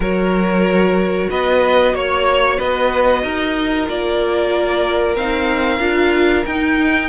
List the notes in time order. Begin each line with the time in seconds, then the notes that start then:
0.00 F#3 F#4 A#4 C#5
1.30 B3 B4 D#5
1.94 A#3 C#5
2.57 B3 B4 D#5
3.23 D#4 A#4
3.86 A#3 F4 D5
5.15 C4 D#4 F5
5.79 D4 F4
6.45 D#4 G5